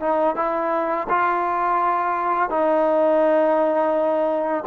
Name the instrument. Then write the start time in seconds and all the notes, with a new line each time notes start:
trombone
0.00 D#4
0.36 E4
1.09 F4
2.50 D#4